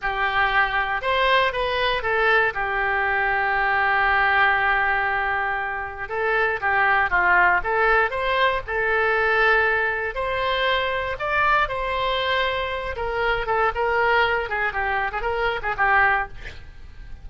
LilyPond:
\new Staff \with { instrumentName = "oboe" } { \time 4/4 \tempo 4 = 118 g'2 c''4 b'4 | a'4 g'2.~ | g'1 | a'4 g'4 f'4 a'4 |
c''4 a'2. | c''2 d''4 c''4~ | c''4. ais'4 a'8 ais'4~ | ais'8 gis'8 g'8. gis'16 ais'8. gis'16 g'4 | }